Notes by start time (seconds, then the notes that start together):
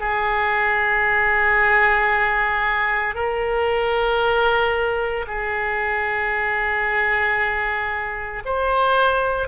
0.00 G#4
3.15 A#4
5.27 G#4
8.45 C5